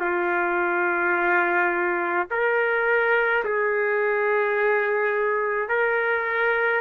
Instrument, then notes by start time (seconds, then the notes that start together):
trumpet
0.00 F4
2.31 A#4
3.45 G#4
5.69 A#4